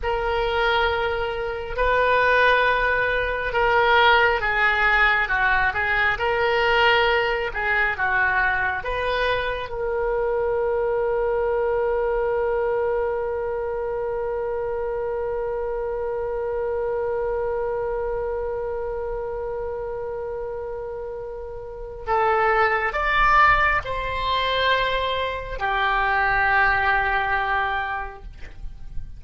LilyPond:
\new Staff \with { instrumentName = "oboe" } { \time 4/4 \tempo 4 = 68 ais'2 b'2 | ais'4 gis'4 fis'8 gis'8 ais'4~ | ais'8 gis'8 fis'4 b'4 ais'4~ | ais'1~ |
ais'1~ | ais'1~ | ais'4 a'4 d''4 c''4~ | c''4 g'2. | }